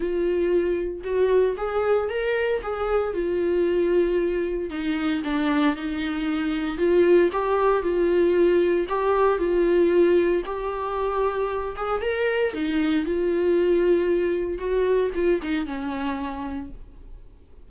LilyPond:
\new Staff \with { instrumentName = "viola" } { \time 4/4 \tempo 4 = 115 f'2 fis'4 gis'4 | ais'4 gis'4 f'2~ | f'4 dis'4 d'4 dis'4~ | dis'4 f'4 g'4 f'4~ |
f'4 g'4 f'2 | g'2~ g'8 gis'8 ais'4 | dis'4 f'2. | fis'4 f'8 dis'8 cis'2 | }